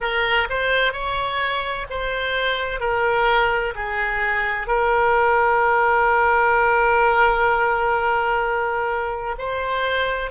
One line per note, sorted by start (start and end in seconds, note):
0.00 0.47 A#4
0.49 0.92 C5
0.92 1.86 C#5
1.90 2.80 C5
2.80 3.73 A#4
3.75 4.67 G#4
4.67 9.35 A#4
9.38 10.30 C5